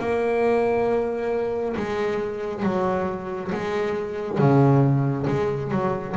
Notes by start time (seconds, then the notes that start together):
0.00 A#3
1.77 G#3
2.64 F#3
3.53 G#3
4.39 C#3
5.28 G#3
5.72 F#3